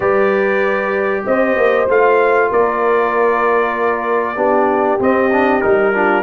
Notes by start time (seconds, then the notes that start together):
0.00 G3 G4 B4 D5
1.26 C4 C5 D#5
1.56 A#3
1.88 A3 F4 F5
2.49 A#3 A#4 D5
4.36 B3 D4 G4
4.98 C4 D#5
5.32 D4
5.61 G3 D#4 A#4
5.93 D4 F4